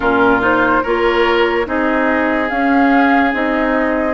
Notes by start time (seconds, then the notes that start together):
0.00 A#2 C#4 F4 A#4
0.40 D#4 C5
0.82 A#3 F4 A#4 C#5
1.65 C4 D#4 G#4 D#5
2.49 C#4 F5
3.32 C4 D#4 D#5